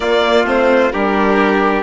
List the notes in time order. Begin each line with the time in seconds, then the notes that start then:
0.00 A#3 F4 D5
0.44 A3 C4 C5
0.92 G3 D4 G4 A#4